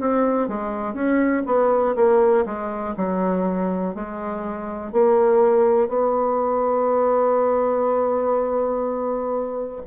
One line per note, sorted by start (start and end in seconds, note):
0.00 0.48 C4
0.48 0.94 G#3
0.94 1.43 C#4
1.46 1.95 B3
1.96 2.45 A#3
2.45 2.95 G#3
2.97 3.95 F#3
3.95 4.93 G#3
4.93 5.89 A#3
5.89 9.82 B3